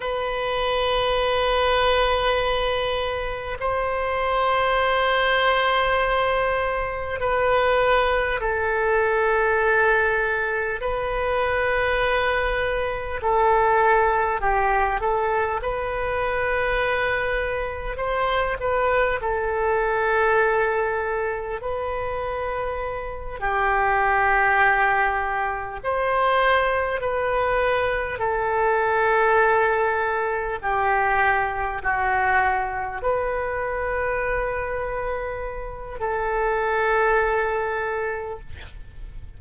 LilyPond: \new Staff \with { instrumentName = "oboe" } { \time 4/4 \tempo 4 = 50 b'2. c''4~ | c''2 b'4 a'4~ | a'4 b'2 a'4 | g'8 a'8 b'2 c''8 b'8 |
a'2 b'4. g'8~ | g'4. c''4 b'4 a'8~ | a'4. g'4 fis'4 b'8~ | b'2 a'2 | }